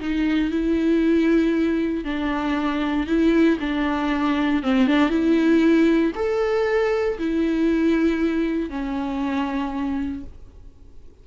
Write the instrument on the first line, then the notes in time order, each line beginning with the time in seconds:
viola
0.00 D#4
0.51 E4
2.04 D4
3.07 E4
3.60 D4
4.63 C4
4.87 D4
5.10 E4
6.15 A4
7.19 E4
8.70 C#4